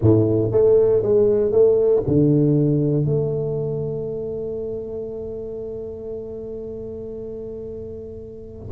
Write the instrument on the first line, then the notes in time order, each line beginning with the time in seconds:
tuba
0.01 A2
0.51 A3
1.02 G#3
1.51 A3
2.07 D3
3.05 A3